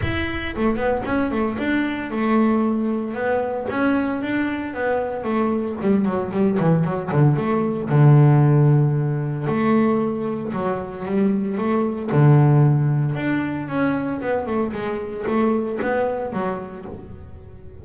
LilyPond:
\new Staff \with { instrumentName = "double bass" } { \time 4/4 \tempo 4 = 114 e'4 a8 b8 cis'8 a8 d'4 | a2 b4 cis'4 | d'4 b4 a4 g8 fis8 | g8 e8 fis8 d8 a4 d4~ |
d2 a2 | fis4 g4 a4 d4~ | d4 d'4 cis'4 b8 a8 | gis4 a4 b4 fis4 | }